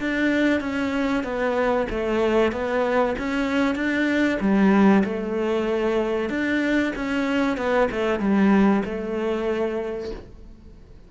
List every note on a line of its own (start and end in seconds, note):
0.00 0.60 D4
0.60 1.23 C#4
1.23 1.87 B3
1.90 2.52 A3
2.52 3.15 B3
3.18 3.75 C#4
3.75 4.38 D4
4.40 5.03 G3
5.04 6.30 A3
6.30 6.93 D4
6.96 7.57 C#4
7.57 7.89 B3
7.91 8.19 A3
8.19 8.82 G3
8.85 10.11 A3